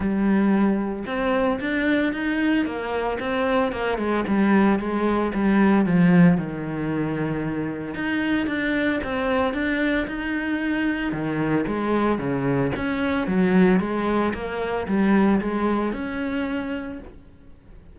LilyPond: \new Staff \with { instrumentName = "cello" } { \time 4/4 \tempo 4 = 113 g2 c'4 d'4 | dis'4 ais4 c'4 ais8 gis8 | g4 gis4 g4 f4 | dis2. dis'4 |
d'4 c'4 d'4 dis'4~ | dis'4 dis4 gis4 cis4 | cis'4 fis4 gis4 ais4 | g4 gis4 cis'2 | }